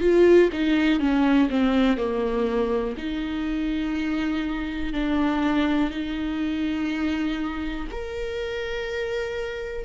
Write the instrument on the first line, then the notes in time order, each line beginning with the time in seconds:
viola
0.00 F4
0.52 D#4
1.00 C#4
1.49 C4
1.97 A#3
2.97 D#4
4.93 D4
5.90 D#4
7.91 A#4